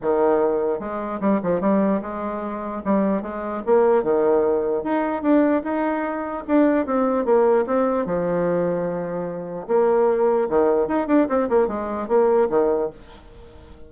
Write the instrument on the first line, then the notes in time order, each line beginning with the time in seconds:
bassoon
0.01 D#3
0.79 G#3
1.20 G3
1.42 F3
1.61 G3
2.01 G#3
2.84 G3
3.22 G#3
3.66 A#3
4.03 D#3
4.83 D#4
5.22 D4
5.63 D#4
6.47 D4
6.86 C4
7.25 A#3
7.66 C4
8.05 F3
9.67 A#3
10.49 D#3
10.87 D#4
11.07 D4
11.28 C4
11.49 A#3
11.67 G#3
12.08 A#3
12.49 D#3